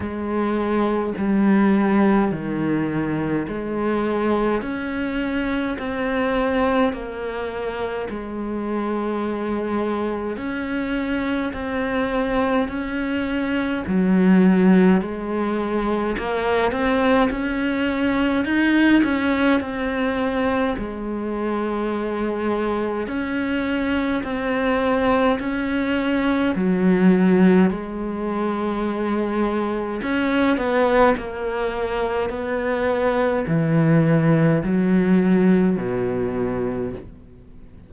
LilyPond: \new Staff \with { instrumentName = "cello" } { \time 4/4 \tempo 4 = 52 gis4 g4 dis4 gis4 | cis'4 c'4 ais4 gis4~ | gis4 cis'4 c'4 cis'4 | fis4 gis4 ais8 c'8 cis'4 |
dis'8 cis'8 c'4 gis2 | cis'4 c'4 cis'4 fis4 | gis2 cis'8 b8 ais4 | b4 e4 fis4 b,4 | }